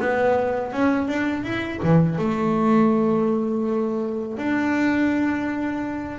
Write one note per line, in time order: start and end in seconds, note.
0.00 0.72 B3
0.72 1.08 C#4
1.08 1.43 D4
1.43 1.80 E4
1.83 2.19 E3
2.19 4.37 A3
4.37 6.19 D4